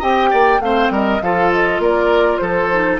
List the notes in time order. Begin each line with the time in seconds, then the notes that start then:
0.00 C4 G4 D#5 G5
0.31 A#3 D5
0.60 A3 C4 C5 F5
0.90 G3 A#4 D#5
1.22 F3 F4 A4 F5
1.52 D#5
1.79 A#3 A#4 D5
2.38 F3 A4 C5
2.72 D#4